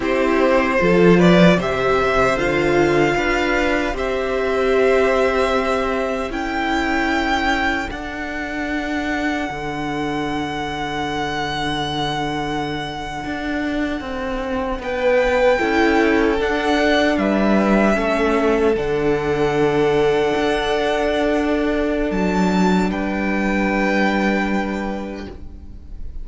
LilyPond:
<<
  \new Staff \with { instrumentName = "violin" } { \time 4/4 \tempo 4 = 76 c''4. d''8 e''4 f''4~ | f''4 e''2. | g''2 fis''2~ | fis''1~ |
fis''2~ fis''8. g''4~ g''16~ | g''8. fis''4 e''2 fis''16~ | fis''1 | a''4 g''2. | }
  \new Staff \with { instrumentName = "violin" } { \time 4/4 g'4 a'8 b'8 c''2 | b'4 c''2. | a'1~ | a'1~ |
a'2~ a'8. b'4 a'16~ | a'4.~ a'16 b'4 a'4~ a'16~ | a'1~ | a'4 b'2. | }
  \new Staff \with { instrumentName = "viola" } { \time 4/4 e'4 f'4 g'4 f'4~ | f'4 g'2. | e'2 d'2~ | d'1~ |
d'2.~ d'8. e'16~ | e'8. d'2 cis'4 d'16~ | d'1~ | d'1 | }
  \new Staff \with { instrumentName = "cello" } { \time 4/4 c'4 f4 c4 d4 | d'4 c'2. | cis'2 d'2 | d1~ |
d8. d'4 c'4 b4 cis'16~ | cis'8. d'4 g4 a4 d16~ | d4.~ d16 d'2~ d'16 | fis4 g2. | }
>>